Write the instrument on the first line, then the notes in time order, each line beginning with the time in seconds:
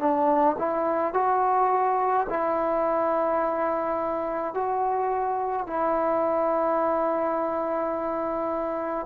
trombone
0.00 D4
0.59 E4
1.14 F#4
2.30 E4
4.54 F#4
5.67 E4